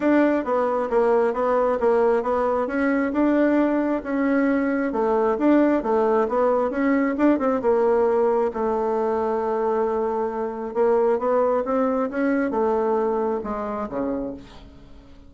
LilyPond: \new Staff \with { instrumentName = "bassoon" } { \time 4/4 \tempo 4 = 134 d'4 b4 ais4 b4 | ais4 b4 cis'4 d'4~ | d'4 cis'2 a4 | d'4 a4 b4 cis'4 |
d'8 c'8 ais2 a4~ | a1 | ais4 b4 c'4 cis'4 | a2 gis4 cis4 | }